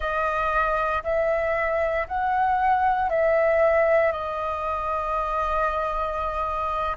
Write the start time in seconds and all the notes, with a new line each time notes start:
0.00 D#5
1.03 E5
2.07 F#5
3.09 E5
4.11 D#5